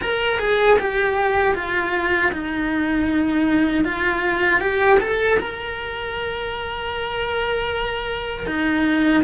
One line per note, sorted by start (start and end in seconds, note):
0.01 0.39 A#4
0.39 0.77 G#4
0.78 1.54 G4
1.54 2.31 F4
2.31 3.84 D#4
3.84 4.60 F4
4.60 4.98 G4
5.00 5.38 A4
5.39 8.46 A#4
8.46 9.23 D#4